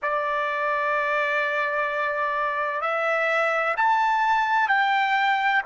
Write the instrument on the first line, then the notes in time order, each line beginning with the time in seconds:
trumpet
0.02 D5
2.81 E5
3.77 A5
4.68 G5